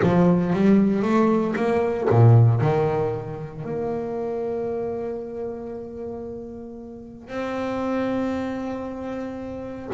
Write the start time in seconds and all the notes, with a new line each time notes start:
0.02 F3
0.53 G3
1.02 A3
1.56 A#3
2.09 A#2
2.60 D#3
3.64 A#3
7.28 C4